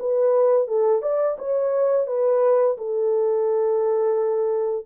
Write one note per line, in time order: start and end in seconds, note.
0.00 0.68 B4
0.68 1.02 A4
1.02 1.37 D5
1.39 2.07 C#5
2.07 2.77 B4
2.78 4.86 A4